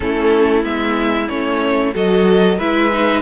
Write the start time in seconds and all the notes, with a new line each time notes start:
0.00 A3 C#4 E4 A4
0.63 G#3 B3 E5
1.28 A3 C#4 C#5
1.94 F#3 F#4 A4 D#5
2.58 G#3 E4 B4 E5
2.92 D#4